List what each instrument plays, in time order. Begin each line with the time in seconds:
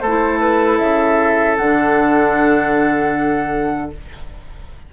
0.00 bassoon A3, oboe A4, flute C5
0.08 clarinet E4
0.40 flute B4
0.78 bassoon C#3, flute E5
1.57 bassoon D3, clarinet D4, flute F#5